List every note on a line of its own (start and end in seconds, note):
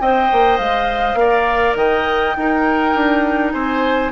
0.00 0.29 C4
0.00 1.18 C5
0.00 1.18 D#5
0.00 0.57 G5
0.31 0.59 A#3
0.57 1.14 G#3
0.57 1.75 F5
1.14 1.73 A#3
1.14 2.35 A#4
1.20 1.77 D5
1.75 2.34 D#3
1.75 2.36 D#5
1.75 3.52 G5
2.36 4.12 D#4
2.36 2.95 D#4
2.36 3.53 A#4
2.95 3.53 D4
3.52 4.12 C4
3.52 4.12 C5
3.52 4.11 G#5